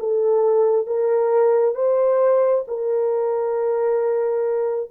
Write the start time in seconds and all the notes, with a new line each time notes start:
0.00 A4
0.86 A#4
1.75 C5
2.68 A#4